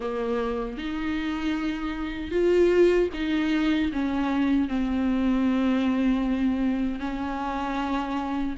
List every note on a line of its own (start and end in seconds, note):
0.00 0.77 A#3
0.77 2.31 D#4
2.31 3.09 F4
3.13 3.91 D#4
3.92 4.68 C#4
4.68 7.00 C4
7.00 8.55 C#4